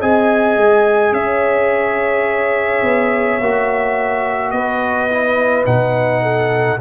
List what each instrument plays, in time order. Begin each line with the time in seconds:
0.00 tuba C4, trombone G#4, horn D#5, trumpet G#5
0.56 tuba G#3
1.12 tuba C#4, horn C#5, trumpet E5
2.82 tuba B3
3.40 tuba A#3, trombone F#4
4.50 tuba B3, horn B4, trumpet D#5
5.10 trombone E4
5.65 tuba B2, trombone D#4, trumpet F#5
6.22 horn A4